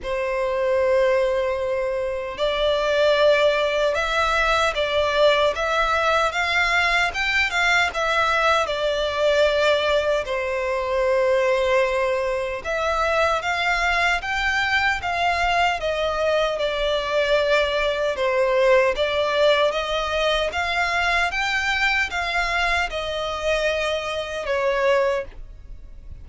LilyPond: \new Staff \with { instrumentName = "violin" } { \time 4/4 \tempo 4 = 76 c''2. d''4~ | d''4 e''4 d''4 e''4 | f''4 g''8 f''8 e''4 d''4~ | d''4 c''2. |
e''4 f''4 g''4 f''4 | dis''4 d''2 c''4 | d''4 dis''4 f''4 g''4 | f''4 dis''2 cis''4 | }